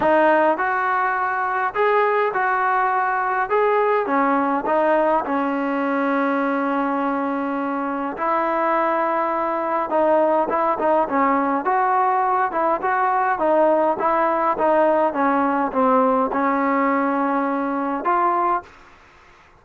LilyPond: \new Staff \with { instrumentName = "trombone" } { \time 4/4 \tempo 4 = 103 dis'4 fis'2 gis'4 | fis'2 gis'4 cis'4 | dis'4 cis'2.~ | cis'2 e'2~ |
e'4 dis'4 e'8 dis'8 cis'4 | fis'4. e'8 fis'4 dis'4 | e'4 dis'4 cis'4 c'4 | cis'2. f'4 | }